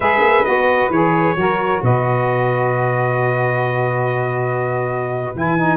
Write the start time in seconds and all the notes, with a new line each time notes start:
0.00 G#3 G#4 B4 E5
0.20 A#3
0.44 B3 F#4 D#5
0.89 E3 G#4 C#5
1.35 F#3 F#4 A#4
1.82 B2 B4 D#5
5.34 E3 E4 G#5
5.57 D#4